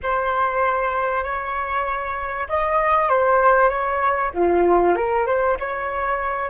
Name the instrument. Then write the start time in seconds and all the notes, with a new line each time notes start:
flute
0.02 C5
1.23 C#5
2.48 D#5
3.09 C5
3.69 C#5
4.34 F4
4.95 A#4
5.26 C5
5.59 C#5